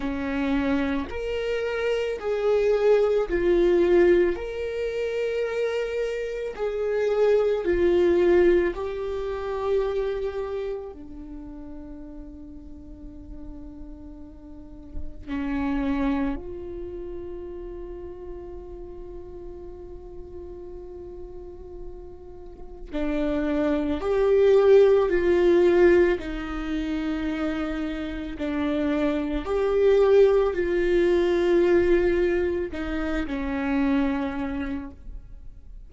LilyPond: \new Staff \with { instrumentName = "viola" } { \time 4/4 \tempo 4 = 55 cis'4 ais'4 gis'4 f'4 | ais'2 gis'4 f'4 | g'2 d'2~ | d'2 cis'4 f'4~ |
f'1~ | f'4 d'4 g'4 f'4 | dis'2 d'4 g'4 | f'2 dis'8 cis'4. | }